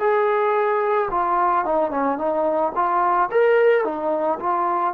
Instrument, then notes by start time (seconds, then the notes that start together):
trombone
0.00 G#4
1.11 F4
1.65 D#4
1.91 C#4
2.18 D#4
2.75 F4
3.31 A#4
3.85 D#4
4.40 F4